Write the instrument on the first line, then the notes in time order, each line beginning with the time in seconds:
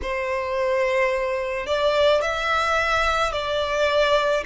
violin
0.02 C5
1.66 D5
2.21 E5
3.32 D5